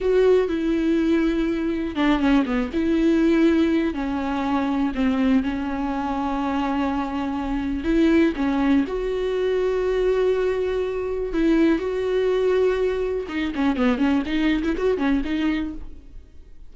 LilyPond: \new Staff \with { instrumentName = "viola" } { \time 4/4 \tempo 4 = 122 fis'4 e'2. | d'8 cis'8 b8 e'2~ e'8 | cis'2 c'4 cis'4~ | cis'1 |
e'4 cis'4 fis'2~ | fis'2. e'4 | fis'2. dis'8 cis'8 | b8 cis'8 dis'8. e'16 fis'8 cis'8 dis'4 | }